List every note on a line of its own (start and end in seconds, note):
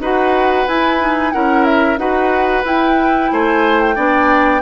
0.00 0.66 D#4
0.00 0.68 F#4
0.00 1.33 B4
0.00 0.68 F#5
0.68 1.00 E4
0.68 1.34 E4
0.68 1.32 G#5
1.00 1.33 D#4
1.32 1.97 C#4
1.32 1.98 E4
1.32 2.00 A#4
1.32 1.65 F#5
1.65 1.98 E5
1.97 2.63 D#4
1.97 2.64 F#4
1.97 3.32 B4
1.97 2.64 F#5
2.64 3.95 E4
2.64 3.30 E4
2.64 3.32 G5
3.32 3.97 A3
3.32 3.95 C5
3.32 3.81 G#5
3.81 4.62 G5
3.95 4.62 B3
3.95 4.61 D4
3.95 4.61 D5